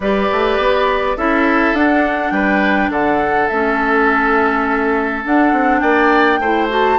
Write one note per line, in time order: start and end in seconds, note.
0.00 0.28 G3
0.00 1.17 G4
0.00 1.16 B4
0.00 1.17 D5
0.31 0.58 A3
0.58 1.16 B3
1.16 1.73 C#4
1.16 1.75 E4
1.16 2.33 A4
1.16 1.75 E5
1.73 2.31 D4
1.73 3.50 D4
1.73 2.31 F#5
2.31 2.89 G3
2.31 2.90 B4
2.31 2.90 G5
2.90 3.48 D3
2.90 5.81 A4
2.90 3.48 F#5
3.48 5.25 A3
3.48 5.25 C#4
3.48 5.22 E5
5.25 6.41 D4
5.25 5.52 D4
5.25 5.80 F#5
5.52 5.81 C4
5.80 6.39 A#3
5.80 6.39 D5
5.80 6.67 G5
6.39 6.97 A3
6.39 6.69 E4
6.39 6.98 C5
6.69 6.98 F#4
6.69 6.98 A5